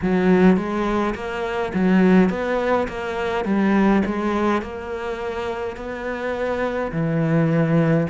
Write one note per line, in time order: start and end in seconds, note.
0.02 0.57 F#3
0.57 1.14 G#3
1.14 1.72 A#3
1.74 2.29 F#3
2.29 2.87 B3
2.87 3.45 A#3
3.45 4.02 G3
4.05 4.62 G#3
4.62 5.76 A#3
5.76 6.91 B3
6.92 8.07 E3